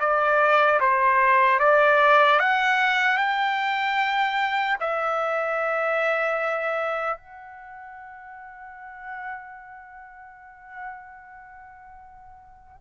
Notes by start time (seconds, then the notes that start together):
0.00 D5
0.80 C5
1.60 D5
2.40 F#5
3.18 G5
4.80 E5
7.17 F#5